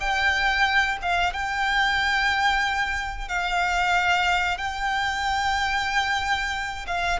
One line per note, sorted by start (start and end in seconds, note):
0.00 0.98 G5
1.02 1.33 F5
1.33 3.29 G5
3.29 4.58 F5
4.58 6.86 G5
6.87 7.19 F5